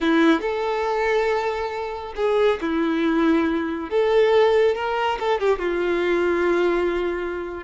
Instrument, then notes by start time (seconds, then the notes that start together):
violin
0.01 E4
0.40 A4
2.16 G#4
2.61 E4
3.90 A4
4.75 A#4
5.19 A4
5.40 G4
5.58 F4